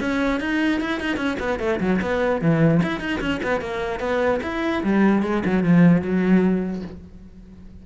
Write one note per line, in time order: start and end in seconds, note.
0.00 0.40 C#4
0.40 0.80 D#4
0.80 1.00 E4
1.00 1.17 D#4
1.17 1.37 C#4
1.39 1.59 B3
1.59 1.80 A3
1.80 2.00 F#3
2.01 2.41 B3
2.41 2.81 E3
2.82 3.00 E4
3.00 3.20 D#4
3.20 3.41 C#4
3.43 3.61 B3
3.61 4.00 A#3
4.00 4.40 B3
4.42 4.83 E4
4.83 5.23 G3
5.23 5.43 G#3
5.45 5.63 F#3
5.63 6.02 F3
6.02 6.82 F#3